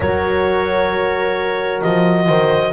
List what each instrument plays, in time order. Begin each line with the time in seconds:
0.00 double bass F#3, horn F#4 A#4, clarinet C#5
1.82 double bass F3, clarinet D#5
2.26 double bass D#3, horn C5